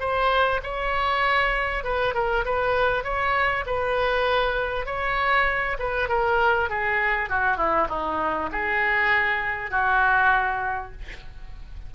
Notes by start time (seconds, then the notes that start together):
0.00 C5
0.63 C#5
1.84 B4
2.14 A#4
2.45 B4
3.04 C#5
3.66 B4
4.86 C#5
5.79 B4
6.09 A#4
6.69 G#4
7.29 F#4
7.57 E4
7.89 D#4
8.52 G#4
9.71 F#4